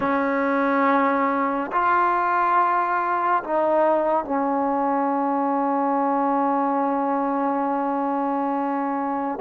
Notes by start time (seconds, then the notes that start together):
0.00 C#4
1.71 F4
3.43 D#4
4.24 C#4